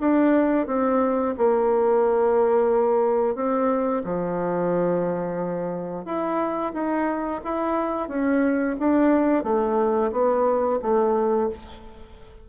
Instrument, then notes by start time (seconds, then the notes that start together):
bassoon
0.00 D4
0.67 C4
1.37 A#3
3.35 C4
4.04 F3
6.05 E4
6.73 D#4
7.44 E4
8.08 C#4
8.79 D4
9.44 A3
10.12 B3
10.82 A3